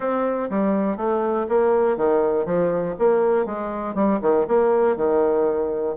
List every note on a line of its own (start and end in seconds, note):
0.00 0.49 C4
0.50 0.97 G3
0.97 1.46 A3
1.49 1.96 A#3
1.96 2.45 D#3
2.45 2.95 F3
2.99 3.45 A#3
3.45 3.94 G#3
3.94 4.19 G3
4.21 4.46 D#3
4.47 4.96 A#3
4.96 5.95 D#3